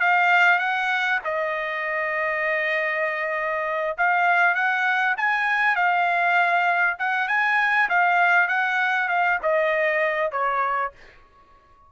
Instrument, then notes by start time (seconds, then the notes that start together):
trumpet
0.00 F5
0.59 F#5
1.25 D#5
3.98 F5
4.55 F#5
5.18 G#5
5.76 F5
6.99 F#5
7.28 G#5
7.89 F5
8.48 F#5
9.09 F5
9.42 D#5
10.32 C#5